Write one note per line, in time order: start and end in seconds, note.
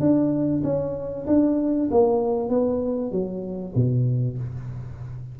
0.00 0.62 D4
0.64 1.26 C#4
1.27 1.89 D4
1.91 2.49 A#3
2.49 3.12 B3
3.12 3.74 F#3
3.75 4.38 B2